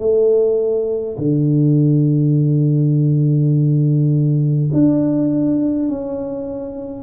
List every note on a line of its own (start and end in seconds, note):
0.00 1.18 A3
1.18 4.71 D3
4.73 5.89 D4
5.89 7.04 C#4